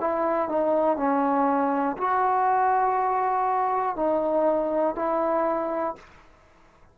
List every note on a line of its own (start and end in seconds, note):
0.00 0.48 E4
0.48 0.96 D#4
0.96 1.96 C#4
1.97 3.96 F#4
3.96 4.95 D#4
4.95 5.95 E4